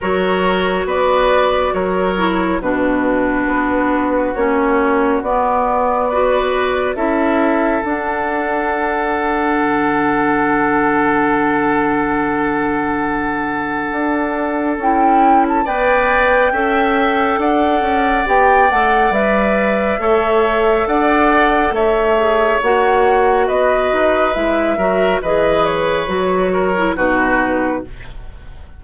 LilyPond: <<
  \new Staff \with { instrumentName = "flute" } { \time 4/4 \tempo 4 = 69 cis''4 d''4 cis''4 b'4~ | b'4 cis''4 d''2 | e''4 fis''2.~ | fis''1~ |
fis''4 g''8. a''16 g''2 | fis''4 g''8 fis''8 e''2 | fis''4 e''4 fis''4 dis''4 | e''4 dis''8 cis''4. b'4 | }
  \new Staff \with { instrumentName = "oboe" } { \time 4/4 ais'4 b'4 ais'4 fis'4~ | fis'2. b'4 | a'1~ | a'1~ |
a'2 d''4 e''4 | d''2. cis''4 | d''4 cis''2 b'4~ | b'8 ais'8 b'4. ais'8 fis'4 | }
  \new Staff \with { instrumentName = "clarinet" } { \time 4/4 fis'2~ fis'8 e'8 d'4~ | d'4 cis'4 b4 fis'4 | e'4 d'2.~ | d'1~ |
d'4 e'4 b'4 a'4~ | a'4 g'8 a'8 b'4 a'4~ | a'4. gis'8 fis'2 | e'8 fis'8 gis'4 fis'8. e'16 dis'4 | }
  \new Staff \with { instrumentName = "bassoon" } { \time 4/4 fis4 b4 fis4 b,4 | b4 ais4 b2 | cis'4 d'2 d4~ | d1 |
d'4 cis'4 b4 cis'4 | d'8 cis'8 b8 a8 g4 a4 | d'4 a4 ais4 b8 dis'8 | gis8 fis8 e4 fis4 b,4 | }
>>